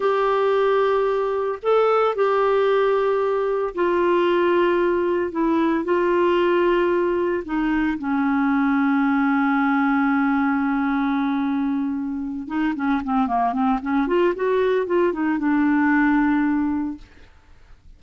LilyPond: \new Staff \with { instrumentName = "clarinet" } { \time 4/4 \tempo 4 = 113 g'2. a'4 | g'2. f'4~ | f'2 e'4 f'4~ | f'2 dis'4 cis'4~ |
cis'1~ | cis'2.~ cis'8 dis'8 | cis'8 c'8 ais8 c'8 cis'8 f'8 fis'4 | f'8 dis'8 d'2. | }